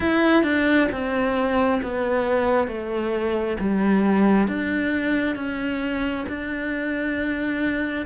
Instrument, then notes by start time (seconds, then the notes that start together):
cello
0.00 E4
0.43 D4
0.91 C4
1.82 B3
2.67 A3
3.59 G3
4.47 D4
5.35 C#4
6.28 D4